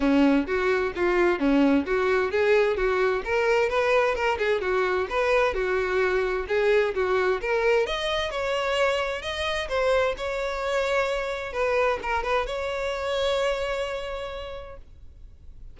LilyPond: \new Staff \with { instrumentName = "violin" } { \time 4/4 \tempo 4 = 130 cis'4 fis'4 f'4 cis'4 | fis'4 gis'4 fis'4 ais'4 | b'4 ais'8 gis'8 fis'4 b'4 | fis'2 gis'4 fis'4 |
ais'4 dis''4 cis''2 | dis''4 c''4 cis''2~ | cis''4 b'4 ais'8 b'8 cis''4~ | cis''1 | }